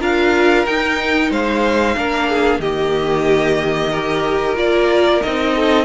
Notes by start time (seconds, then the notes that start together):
0.00 D4 F4 A#4 F5
0.66 D#4 G5
1.31 G#3 C5 F5
1.96 A#3 D4 A#4
2.29 G#4
2.59 D#3 A#3 G4 D#5
3.91 G4 A#4
4.55 A#3 F4 D5
5.22 C4 D#4 D#5
5.55 A4